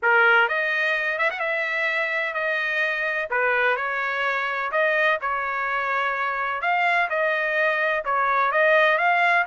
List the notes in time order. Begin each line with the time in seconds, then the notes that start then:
0.02 A#4
0.48 D#5
1.18 E5
1.30 F#5
1.39 E5
2.34 D#5
3.30 B4
3.76 C#5
4.71 D#5
5.21 C#5
6.61 F5
7.09 D#5
8.04 C#5
8.51 D#5
8.98 F5